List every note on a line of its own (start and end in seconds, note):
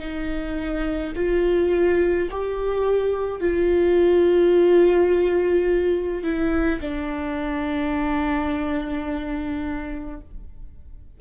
0.00 1.13 D#4
1.16 2.29 F4
2.31 3.41 G4
3.41 6.24 F4
6.24 6.80 E4
6.81 10.20 D4